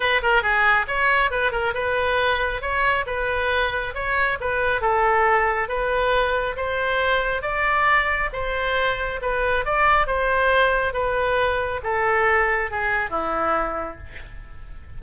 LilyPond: \new Staff \with { instrumentName = "oboe" } { \time 4/4 \tempo 4 = 137 b'8 ais'8 gis'4 cis''4 b'8 ais'8 | b'2 cis''4 b'4~ | b'4 cis''4 b'4 a'4~ | a'4 b'2 c''4~ |
c''4 d''2 c''4~ | c''4 b'4 d''4 c''4~ | c''4 b'2 a'4~ | a'4 gis'4 e'2 | }